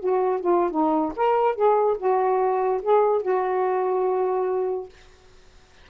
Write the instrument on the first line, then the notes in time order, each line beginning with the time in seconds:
saxophone
0.00 F#4
0.41 F4
0.71 D#4
1.16 A#4
1.55 G#4
1.98 F#4
2.82 G#4
3.22 F#4